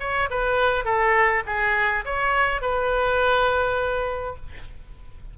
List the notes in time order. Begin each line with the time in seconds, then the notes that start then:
0.00 C#5
0.30 B4
0.85 A4
1.46 G#4
2.05 C#5
2.61 B4